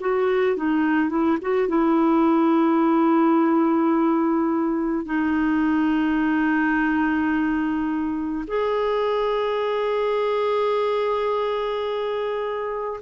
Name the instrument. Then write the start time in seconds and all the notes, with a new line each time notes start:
clarinet
0.00 F#4
0.57 D#4
1.10 E4
1.42 F#4
1.68 E4
5.05 D#4
8.48 G#4